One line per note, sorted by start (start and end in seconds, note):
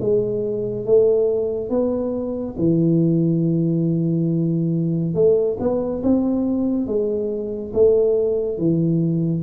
0.00 0.86 G#3
0.86 1.70 A3
1.70 2.56 B3
2.58 5.14 E3
5.14 5.57 A3
5.59 6.02 B3
6.03 6.87 C4
6.87 7.73 G#3
7.74 8.58 A3
8.58 9.43 E3